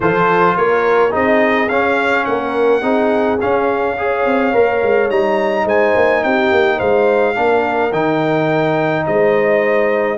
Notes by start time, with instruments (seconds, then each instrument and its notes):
0.00 tuba F3, trombone F4, horn A4, trumpet C5
0.56 tuba A#3, horn A#4, trumpet C#5
1.10 tuba C4, trombone D#4, horn G#4, trumpet D#5
1.68 tuba C#4, trombone C#4, trumpet F5
2.25 tuba A#3, horn A#4, trumpet F#5
2.81 tuba C4, trombone D#4, horn G#4
3.40 trombone C#4, tuba C#4, trumpet F5
3.97 trombone G#4, horn C#5
4.25 tuba C4
4.53 tuba A#3, trombone A#4
4.82 tuba G#3
5.10 tuba G3, trombone D#4, trumpet A#5
5.65 tuba G#3, horn C5, trumpet G#5
5.95 tuba A#3
6.23 tuba C4, horn G4, trumpet G5
6.51 tuba A#3
6.76 tuba G#3, horn C5, trumpet F5
7.34 tuba A#3, trombone D4, horn A#4
7.91 tuba D#3, trombone D#4, trumpet G5
9.06 tuba G#3, horn C5, trumpet D#5